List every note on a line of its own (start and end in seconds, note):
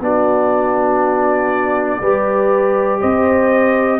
0.00 2.00 B3
0.00 2.02 D4
0.00 2.00 F#4
0.00 3.00 D5
2.00 3.01 G3
2.00 4.00 G4
2.00 3.00 B4
3.00 4.00 C4
3.00 4.00 C5
3.00 4.00 D#5